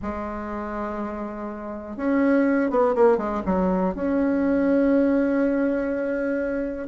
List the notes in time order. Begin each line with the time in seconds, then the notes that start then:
0.01 G#3
1.96 C#4
2.70 B3
2.95 A#3
3.17 G#3
3.45 F#3
3.94 C#4